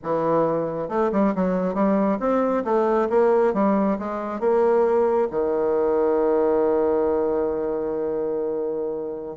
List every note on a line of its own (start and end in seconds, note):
0.03 0.88 E3
0.88 1.10 A3
1.11 1.34 G3
1.35 1.74 F#3
1.74 2.18 G3
2.19 2.63 C4
2.64 3.08 A3
3.09 3.53 A#3
3.53 3.97 G3
3.98 4.40 G#3
4.40 5.28 A#3
5.30 9.36 D#3